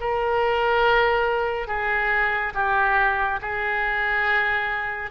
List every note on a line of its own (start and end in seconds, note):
0.00 1.67 A#4
1.67 2.53 G#4
2.54 3.40 G4
3.41 5.10 G#4